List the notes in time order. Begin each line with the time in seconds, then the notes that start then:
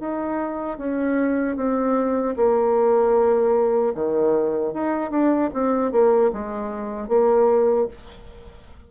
0.00 D#4
0.78 C#4
1.56 C4
2.36 A#3
3.95 D#3
4.74 D#4
5.11 D4
5.53 C4
5.92 A#3
6.33 G#3
7.08 A#3